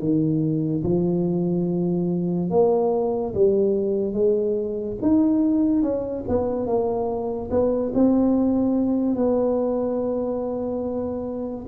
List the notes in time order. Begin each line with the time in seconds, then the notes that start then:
0.00 D#3
0.84 F3
2.51 A#3
3.35 G3
4.14 G#3
5.02 D#4
5.83 C#4
6.29 B3
6.67 A#3
7.51 B3
7.95 C4
9.16 B3